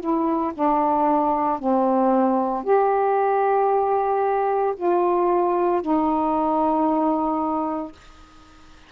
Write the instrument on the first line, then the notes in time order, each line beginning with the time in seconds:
saxophone
0.00 E4
0.54 D4
1.58 C4
2.64 G4
4.76 F4
5.81 D#4